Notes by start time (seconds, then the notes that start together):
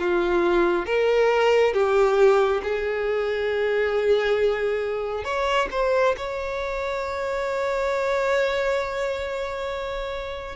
0.00 F4
0.86 A#4
1.74 G4
2.63 G#4
5.25 C#5
5.72 C5
6.17 C#5